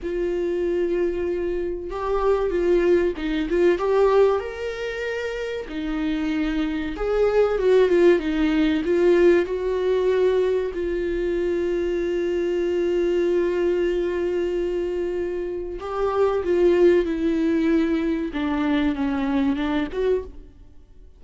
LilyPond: \new Staff \with { instrumentName = "viola" } { \time 4/4 \tempo 4 = 95 f'2. g'4 | f'4 dis'8 f'8 g'4 ais'4~ | ais'4 dis'2 gis'4 | fis'8 f'8 dis'4 f'4 fis'4~ |
fis'4 f'2.~ | f'1~ | f'4 g'4 f'4 e'4~ | e'4 d'4 cis'4 d'8 fis'8 | }